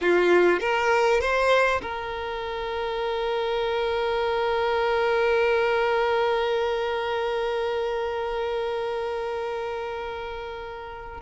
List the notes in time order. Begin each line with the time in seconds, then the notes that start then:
0.01 F4
0.60 A#4
1.20 C5
1.82 A#4